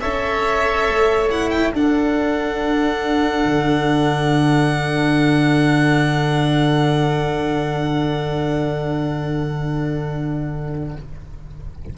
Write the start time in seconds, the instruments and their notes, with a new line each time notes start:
0.00 tuba C#4, cello A4, oboe C#5, violin E5
0.88 tuba A3
1.30 cello E4, violin F#5
1.50 violin G5
1.72 tuba D4, cello D4, oboe A4, violin F#5
3.45 tuba D3